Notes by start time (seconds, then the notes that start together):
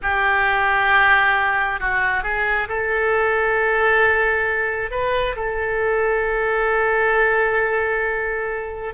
0.02 G4
1.80 F#4
2.23 G#4
2.68 A4
4.90 B4
5.36 A4